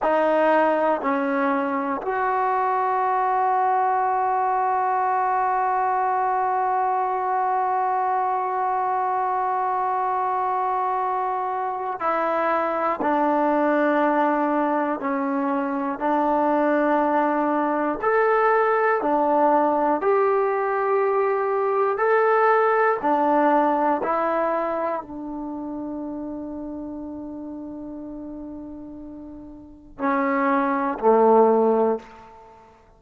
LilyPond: \new Staff \with { instrumentName = "trombone" } { \time 4/4 \tempo 4 = 60 dis'4 cis'4 fis'2~ | fis'1~ | fis'1 | e'4 d'2 cis'4 |
d'2 a'4 d'4 | g'2 a'4 d'4 | e'4 d'2.~ | d'2 cis'4 a4 | }